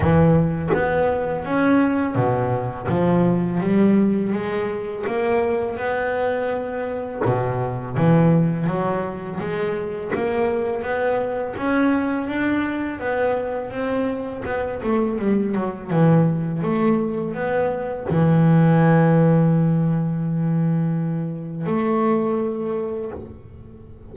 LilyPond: \new Staff \with { instrumentName = "double bass" } { \time 4/4 \tempo 4 = 83 e4 b4 cis'4 b,4 | f4 g4 gis4 ais4 | b2 b,4 e4 | fis4 gis4 ais4 b4 |
cis'4 d'4 b4 c'4 | b8 a8 g8 fis8 e4 a4 | b4 e2.~ | e2 a2 | }